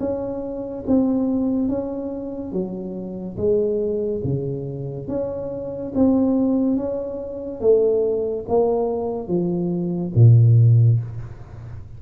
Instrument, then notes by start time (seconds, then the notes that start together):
tuba
0.00 C#4
0.87 C4
1.69 C#4
2.52 F#3
3.37 G#3
4.24 C#3
5.08 C#4
5.95 C4
6.77 C#4
7.61 A3
8.48 A#3
9.28 F3
10.15 A#2